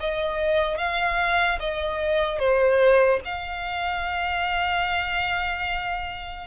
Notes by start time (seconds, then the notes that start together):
0.00 D#5
0.77 F5
1.60 D#5
2.39 C5
3.25 F5